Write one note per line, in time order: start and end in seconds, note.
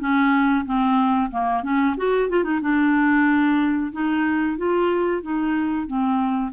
0.00 0.65 C#4
0.65 1.30 C4
1.31 1.63 A#3
1.63 1.96 C#4
1.97 2.29 F#4
2.29 2.44 F4
2.44 2.60 D#4
2.61 3.92 D4
3.92 4.57 D#4
4.57 5.22 F4
5.22 5.87 D#4
5.87 6.52 C4